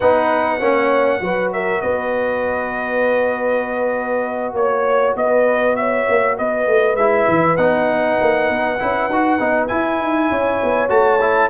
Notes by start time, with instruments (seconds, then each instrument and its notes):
0.00 tuba B3, trombone D#4, horn B4, trumpet F#5
0.58 tuba A#3, trombone C#4, horn C#5
1.20 tuba F#3, trombone F#4, horn B4
1.52 horn A#4, trumpet E5
1.81 tuba B3, horn B4, trumpet D#5
4.52 tuba A#3, trumpet C#5, horn C#5
5.15 tuba B3, horn B4, trumpet D#5
5.76 horn C#5, trumpet E5
6.08 tuba A#3
6.37 tuba B3, horn B4, trumpet D#5
6.66 tuba A3
6.94 tuba G#3, trombone E4, trumpet E5
7.28 tuba E3
7.56 tuba B3, trombone D#4, trumpet F#5
8.21 tuba A#3
8.49 tuba B3
8.79 tuba C#4, trombone E4
9.08 tuba D#4, trombone F#4
9.39 tuba B3, trombone D#4
9.67 trombone E4, tuba E4, trumpet G#5
9.99 tuba D#4
10.29 tuba C#4, horn C#5
10.63 tuba B3
10.89 tuba A3, trombone F#4, trumpet A5
11.20 trombone E4